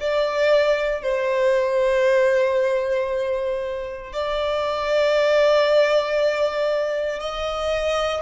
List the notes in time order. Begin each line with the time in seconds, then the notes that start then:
0.00 D5
1.02 C5
4.12 D5
7.19 D#5